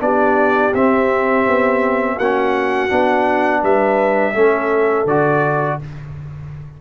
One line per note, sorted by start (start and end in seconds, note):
0.00 0.73 B3
0.00 0.72 D4
0.00 2.17 G4
0.00 0.74 D5
0.74 1.47 C4
0.74 2.20 C4
0.74 2.19 E5
1.47 2.17 B3
2.17 2.90 A#3
2.17 2.89 C#4
2.17 3.62 F#4
2.17 3.64 F#5
2.89 3.63 B3
2.89 4.34 D4
3.62 4.35 G3
3.62 4.34 B4
3.62 5.07 E5
4.34 5.06 A3
4.34 5.07 C#4
4.34 5.79 A4
5.06 5.78 D3
5.06 5.81 F#4
5.06 5.80 D5